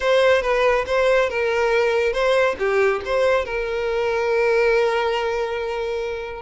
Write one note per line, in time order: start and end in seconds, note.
0.00 0.42 C5
0.42 0.85 B4
0.86 1.29 C5
1.29 2.12 A#4
2.12 2.55 C5
2.59 3.01 G4
3.05 3.45 C5
3.45 6.41 A#4